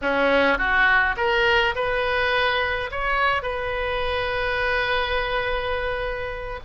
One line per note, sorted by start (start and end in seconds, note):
0.01 0.58 C#4
0.58 1.15 F#4
1.17 1.74 A#4
1.75 2.90 B4
2.91 3.42 C#5
3.42 6.60 B4